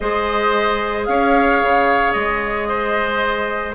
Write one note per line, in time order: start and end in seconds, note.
0.00 1.08 G#3
0.00 3.75 G#4
0.00 1.08 C5
0.00 1.05 D#5
1.05 1.61 C#4
1.05 2.68 C#5
1.05 2.12 F5
1.62 2.14 C#3
2.12 3.75 G#3
2.12 3.73 D#5
2.68 3.75 C5